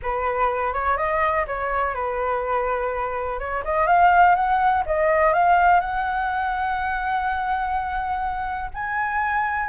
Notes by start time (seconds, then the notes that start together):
0.02 B4
0.73 C#5
0.97 D#5
1.47 C#5
1.94 B4
3.39 C#5
3.64 D#5
3.87 F5
4.35 F#5
4.86 D#5
5.33 F5
5.80 F#5
8.73 G#5